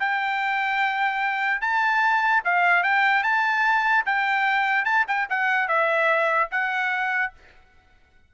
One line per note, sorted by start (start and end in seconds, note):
0.00 1.62 G5
1.62 2.43 A5
2.45 2.84 F5
2.84 3.24 G5
3.24 4.05 A5
4.06 4.85 G5
4.85 5.06 A5
5.08 5.29 G5
5.30 5.68 F#5
5.68 6.50 E5
6.52 7.33 F#5